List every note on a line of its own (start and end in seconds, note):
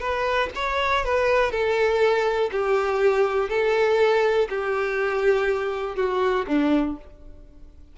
0.00 0.50 B4
0.55 1.05 C#5
1.05 1.51 B4
1.51 2.51 A4
2.52 3.50 G4
3.50 4.49 A4
4.49 5.96 G4
5.96 6.46 F#4
6.48 6.97 D4